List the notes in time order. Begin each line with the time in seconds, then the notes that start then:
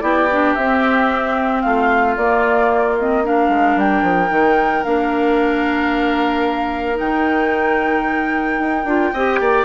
0.00 B3 E4 G4 D5
0.31 D4
0.54 C4 E5
1.61 A3 F4 F5
2.16 A#3 D5
2.99 C4 D#5
3.24 D4 A#4 F5
3.49 G#3
3.76 G3 G5
4.02 F3
4.29 D#3 D#4
4.84 A#3 D4 F5
6.95 D#3 D#4 G5
8.59 D#4
8.85 D4 F4
9.13 C4 G4 D#5
9.40 A#3 D5